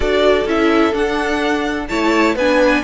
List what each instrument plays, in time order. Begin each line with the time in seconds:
0.00 cello D4, viola F#4, violin A4 D5
0.45 cello C#4, viola E4, violin E5
0.92 viola D4, cello D4, violin F#5
1.88 cello A3, viola E4, violin C#5 A5
2.35 cello B3, viola D4, violin B4 G#5